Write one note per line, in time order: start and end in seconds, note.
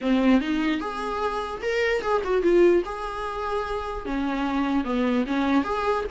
0.01 0.40 C4
0.40 0.80 D#4
0.80 1.61 G#4
1.62 2.01 A#4
2.01 2.22 G#4
2.24 2.42 F#4
2.42 2.82 F4
2.85 4.05 G#4
4.05 4.84 C#4
4.84 5.24 B3
5.26 5.64 C#4
5.64 6.04 G#4